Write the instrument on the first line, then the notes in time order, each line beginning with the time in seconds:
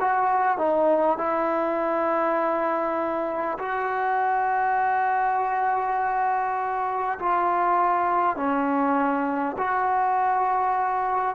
trombone
0.00 F#4
0.58 D#4
1.17 E4
3.58 F#4
7.19 F4
8.36 C#4
9.58 F#4